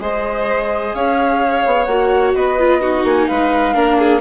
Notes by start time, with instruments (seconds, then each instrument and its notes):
0.00 bassoon G#3, viola G#4, violin C5, flute D#5
0.95 bassoon C#4, violin C#5, flute F5
1.66 bassoon B3
1.85 bassoon A#3, viola F#4, flute F#5
2.35 bassoon B3, violin B4, flute D#5
2.59 viola F4
2.81 viola D#4, violin F#4
3.04 bassoon A#3, flute G#5
3.28 bassoon G#3, violin B4, flute F5
3.75 bassoon A#3, viola D4, violin A#4
3.99 violin G#4